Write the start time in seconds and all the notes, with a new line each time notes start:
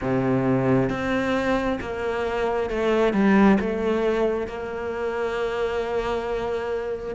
0.01 C3
0.90 C4
1.81 A#3
2.69 A3
3.13 G3
3.60 A3
4.47 A#3